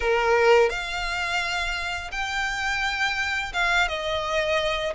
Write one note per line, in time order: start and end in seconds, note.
0.00 0.69 A#4
0.69 2.10 F5
2.11 3.52 G5
3.53 3.88 F5
3.88 4.93 D#5